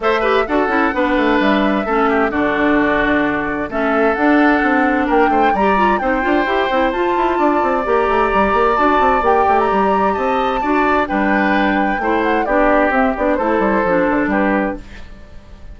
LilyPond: <<
  \new Staff \with { instrumentName = "flute" } { \time 4/4 \tempo 4 = 130 e''4 fis''2 e''4~ | e''4 d''2. | e''4 fis''2 g''4 | ais''4 g''2 a''4~ |
a''4 ais''2 a''4 | g''8. ais''4~ ais''16 a''2 | g''2~ g''8 fis''8 d''4 | e''8 d''8 c''2 b'4 | }
  \new Staff \with { instrumentName = "oboe" } { \time 4/4 c''8 b'8 a'4 b'2 | a'8 g'8 fis'2. | a'2. ais'8 c''8 | d''4 c''2. |
d''1~ | d''2 dis''4 d''4 | b'2 c''4 g'4~ | g'4 a'2 g'4 | }
  \new Staff \with { instrumentName = "clarinet" } { \time 4/4 a'8 g'8 fis'8 e'8 d'2 | cis'4 d'2. | cis'4 d'2. | g'8 f'8 dis'8 f'8 g'8 e'8 f'4~ |
f'4 g'2 fis'4 | g'2. fis'4 | d'2 e'4 d'4 | c'8 d'8 e'4 d'2 | }
  \new Staff \with { instrumentName = "bassoon" } { \time 4/4 a4 d'8 cis'8 b8 a8 g4 | a4 d2. | a4 d'4 c'4 ais8 a8 | g4 c'8 d'8 e'8 c'8 f'8 e'8 |
d'8 c'8 ais8 a8 g8 ais8 d'8 c'8 | ais8 a8 g4 c'4 d'4 | g2 a4 b4 | c'8 b8 a8 g8 f8 d8 g4 | }
>>